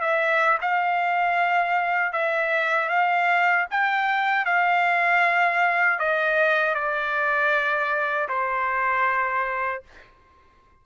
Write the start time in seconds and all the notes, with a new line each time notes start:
0.00 E5
0.61 F5
2.12 E5
2.89 F5
3.70 G5
4.45 F5
5.99 D#5
6.74 D5
8.28 C5